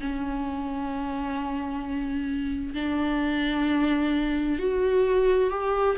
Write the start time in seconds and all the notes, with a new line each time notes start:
0.00 C#4
2.74 D4
4.59 F#4
5.50 G4